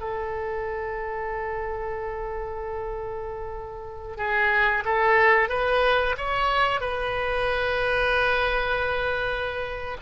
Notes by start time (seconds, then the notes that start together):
0.00 A4
4.17 G#4
4.85 A4
5.49 B4
6.17 C#5
6.81 B4